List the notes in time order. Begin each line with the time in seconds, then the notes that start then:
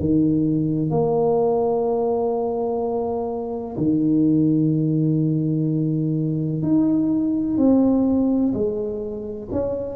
0.00 D#3
0.91 A#3
3.77 D#3
6.63 D#4
7.58 C4
8.54 G#3
9.52 C#4